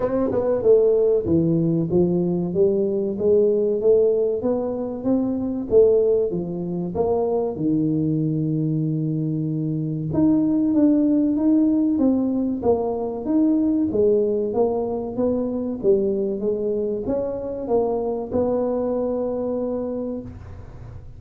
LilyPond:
\new Staff \with { instrumentName = "tuba" } { \time 4/4 \tempo 4 = 95 c'8 b8 a4 e4 f4 | g4 gis4 a4 b4 | c'4 a4 f4 ais4 | dis1 |
dis'4 d'4 dis'4 c'4 | ais4 dis'4 gis4 ais4 | b4 g4 gis4 cis'4 | ais4 b2. | }